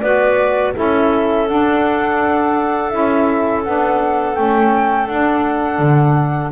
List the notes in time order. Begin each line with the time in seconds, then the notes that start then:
0.00 B3 F#4 B4 D5
0.74 C#4 E4 A4 E5
1.47 D4 F#5
2.89 C#4 E4 E5
3.64 B3 D4 F#5
4.35 A3 C#4 G5
5.07 D4 F#5
5.78 D3